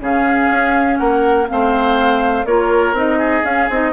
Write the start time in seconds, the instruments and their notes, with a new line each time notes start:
0.00 bassoon C#3, clarinet C#4, oboe G#4, flute F5
0.50 bassoon C#4
0.97 bassoon A#3, oboe A#4, flute F#5
1.47 bassoon A3, clarinet C4, oboe C5, flute F5
2.45 bassoon A#3, clarinet F4, oboe A#4, flute C#5
2.93 bassoon C4, clarinet D#4, flute D#5
3.18 oboe G#4
3.44 bassoon C#4, clarinet C#4, flute F5
3.70 bassoon C4, clarinet D#4, flute D#5